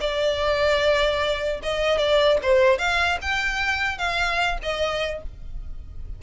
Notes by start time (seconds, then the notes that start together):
0.00 D5
1.63 D#5
1.98 D5
2.42 C5
2.78 F5
3.21 G5
3.98 F5
4.62 D#5